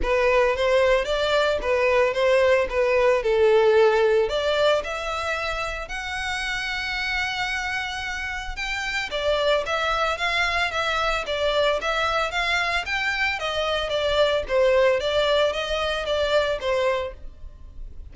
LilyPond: \new Staff \with { instrumentName = "violin" } { \time 4/4 \tempo 4 = 112 b'4 c''4 d''4 b'4 | c''4 b'4 a'2 | d''4 e''2 fis''4~ | fis''1 |
g''4 d''4 e''4 f''4 | e''4 d''4 e''4 f''4 | g''4 dis''4 d''4 c''4 | d''4 dis''4 d''4 c''4 | }